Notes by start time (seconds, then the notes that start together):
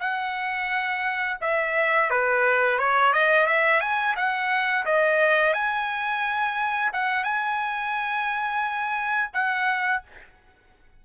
0.00 F#5
1.41 E5
2.10 B4
2.79 C#5
3.13 D#5
3.46 E5
3.80 G#5
4.16 F#5
4.85 D#5
5.53 G#5
6.93 F#5
7.24 G#5
9.33 F#5